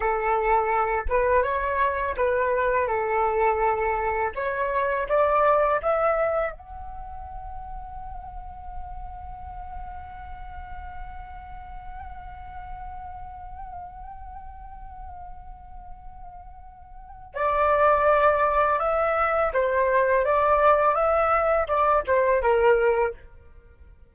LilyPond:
\new Staff \with { instrumentName = "flute" } { \time 4/4 \tempo 4 = 83 a'4. b'8 cis''4 b'4 | a'2 cis''4 d''4 | e''4 fis''2.~ | fis''1~ |
fis''1~ | fis''1 | d''2 e''4 c''4 | d''4 e''4 d''8 c''8 ais'4 | }